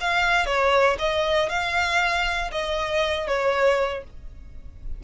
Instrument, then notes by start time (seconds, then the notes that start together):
violin
0.00 F5
0.46 C#5
0.99 D#5
1.49 F5
2.51 D#5
3.27 C#5